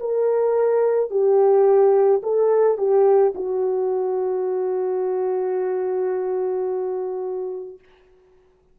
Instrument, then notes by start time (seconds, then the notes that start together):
horn
0.00 A#4
1.11 G4
2.23 A4
2.78 G4
3.35 F#4